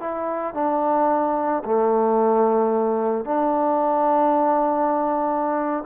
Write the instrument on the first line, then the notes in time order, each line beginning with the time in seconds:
trombone
0.00 E4
0.54 D4
1.65 A3
3.25 D4